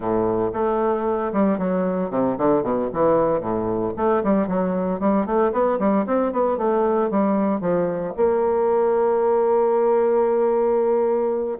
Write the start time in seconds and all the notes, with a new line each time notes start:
0.00 A2
0.53 A3
1.33 G3
1.58 F#3
2.10 C3
2.38 D3
2.62 B2
2.93 E3
3.40 A2
3.96 A3
4.23 G3
4.47 F#3
5.00 G3
5.25 A3
5.52 B3
5.79 G3
6.06 C4
6.32 B3
6.57 A3
7.10 G3
7.61 F3
8.17 A#3